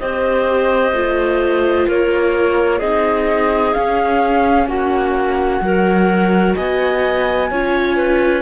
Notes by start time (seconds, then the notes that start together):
0.00 C4 G4 C5 D#5
0.93 A3 F4
1.88 A#3 A#4 C#5
2.79 C4 D#4 G#4 D#5
3.74 C#4 F5
4.67 A#3 F#4 F#5
5.61 F#3 F#4 A#4
6.56 B3 D#5 G#5
7.51 C#4 F4 C#5
7.97 B4